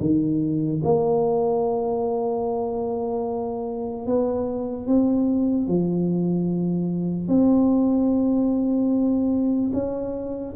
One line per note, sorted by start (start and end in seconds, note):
0.00 0.81 D#3
0.84 4.07 A#3
4.07 4.86 B3
4.86 5.68 C4
5.68 7.28 F3
7.28 9.71 C4
9.73 10.54 C#4